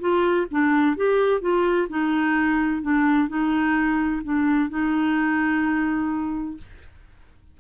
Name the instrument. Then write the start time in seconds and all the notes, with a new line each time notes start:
clarinet
0.00 F4
0.51 D4
0.97 G4
1.41 F4
1.89 D#4
2.82 D4
3.28 D#4
4.24 D4
4.70 D#4